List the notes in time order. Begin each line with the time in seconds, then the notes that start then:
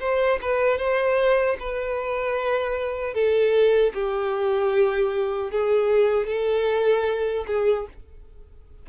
0.00 C5
0.42 B4
0.78 C5
1.60 B4
3.14 A4
3.94 G4
5.51 G#4
6.27 A4
7.47 G#4